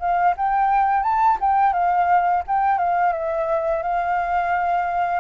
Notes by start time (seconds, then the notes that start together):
0.00 F5
0.37 G5
1.03 A5
1.41 G5
1.73 F5
2.47 G5
2.78 F5
3.13 E5
3.83 F5